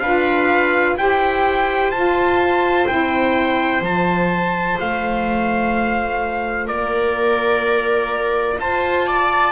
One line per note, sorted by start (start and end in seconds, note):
0.00 0.95 D4
0.00 0.99 F4
0.00 0.98 B4
0.00 0.95 F5
0.96 1.91 E4
0.96 1.94 G4
0.96 6.67 C5
0.96 1.91 G5
1.91 2.87 F4
1.91 2.89 F4
1.91 2.87 A5
2.87 3.81 C4
2.87 3.82 E4
2.87 3.83 G5
3.81 4.77 F3
3.81 9.52 F4
3.81 4.80 A5
4.80 6.70 A3
4.80 6.68 F5
6.67 8.59 A#3
6.67 8.58 A#4
6.67 8.58 D5
8.59 9.52 F4
8.59 9.07 C5
8.59 9.52 A5
9.07 9.52 D5